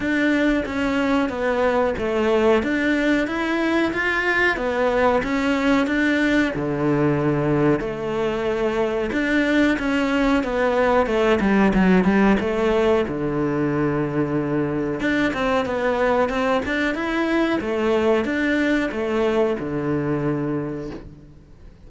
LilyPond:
\new Staff \with { instrumentName = "cello" } { \time 4/4 \tempo 4 = 92 d'4 cis'4 b4 a4 | d'4 e'4 f'4 b4 | cis'4 d'4 d2 | a2 d'4 cis'4 |
b4 a8 g8 fis8 g8 a4 | d2. d'8 c'8 | b4 c'8 d'8 e'4 a4 | d'4 a4 d2 | }